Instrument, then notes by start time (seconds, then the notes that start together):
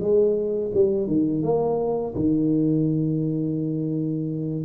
tuba
0.00 G#3
0.74 G3
1.07 D#3
1.43 A#3
2.15 D#3